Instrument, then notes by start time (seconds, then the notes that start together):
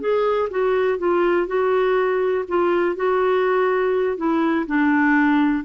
clarinet
0.00 G#4
0.50 F#4
0.98 F4
1.47 F#4
2.48 F4
2.95 F#4
4.17 E4
4.66 D4